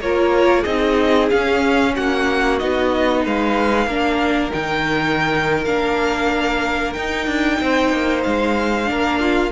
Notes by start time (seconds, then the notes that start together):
0.00 A#3 F4 A#4 C#5
0.61 C4 D#4 G#4 D#5
1.30 C#4 F5
1.95 A#3 F#4 F#5
2.58 B3 D#4 D#5
3.22 G#3 B4 F5
3.86 A#3 D4 A#4
4.51 D#3 D#4 G5
5.65 A#3 D4 F5
6.93 D#4 G5
7.27 D4
7.61 C4 C5
7.92 A#3
8.23 G#3 F5
8.85 A#3 D4 A#4
9.20 F4